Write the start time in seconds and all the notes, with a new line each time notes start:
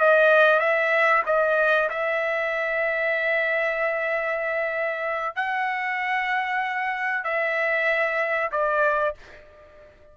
0.00 D#5
0.60 E5
1.26 D#5
1.90 E5
5.36 F#5
7.24 E5
8.52 D5